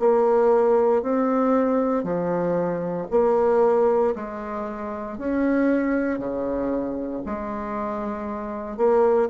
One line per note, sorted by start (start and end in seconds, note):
0.00 1.03 A#3
1.03 2.04 C4
2.04 3.08 F3
3.11 4.14 A#3
4.16 5.18 G#3
5.18 6.19 C#4
6.19 7.23 C#3
7.26 8.77 G#3
8.77 9.29 A#3